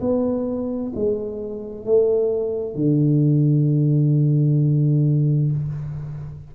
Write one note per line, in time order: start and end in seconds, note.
0.00 0.92 B3
0.95 1.85 G#3
1.85 2.74 A3
2.74 5.51 D3